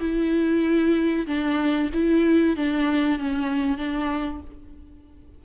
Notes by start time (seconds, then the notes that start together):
0.00 E4
1.27 D4
1.93 E4
2.56 D4
3.18 C#4
3.78 D4